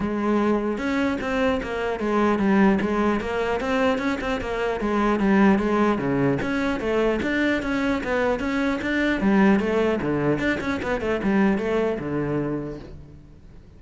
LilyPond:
\new Staff \with { instrumentName = "cello" } { \time 4/4 \tempo 4 = 150 gis2 cis'4 c'4 | ais4 gis4 g4 gis4 | ais4 c'4 cis'8 c'8 ais4 | gis4 g4 gis4 cis4 |
cis'4 a4 d'4 cis'4 | b4 cis'4 d'4 g4 | a4 d4 d'8 cis'8 b8 a8 | g4 a4 d2 | }